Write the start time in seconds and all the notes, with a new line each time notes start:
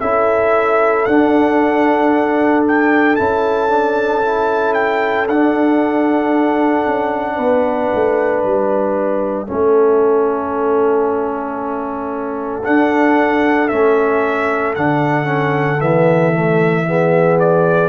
0.00 C#4 E4 A4 E5
1.05 D4 F#5
2.67 G5
3.16 C#4 E4 A5
3.68 D4
4.21 E4
4.73 G5
5.27 D4 F#5
6.86 C#4
7.36 B3 B4
7.94 A3
8.43 G3 E5
9.46 A3 C#4 A4
12.63 D4 F#5
13.68 A3 C#4 E5
14.75 D3 D4 F#5
15.24 C#4
15.80 E3 B3 E5
16.32 A3
16.85 B3 G#4
17.39 D5